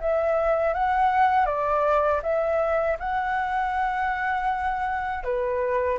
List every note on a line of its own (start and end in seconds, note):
0.00 0.73 E5
0.73 1.46 F#5
1.46 2.21 D5
2.22 2.97 E5
2.99 5.23 F#5
5.23 5.98 B4